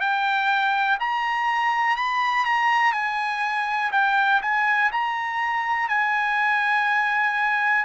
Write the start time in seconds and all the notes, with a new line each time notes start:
0.00 G5
1.00 A#5
1.97 B5
2.45 A#5
2.92 G#5
3.92 G5
4.42 G#5
4.92 A#5
5.89 G#5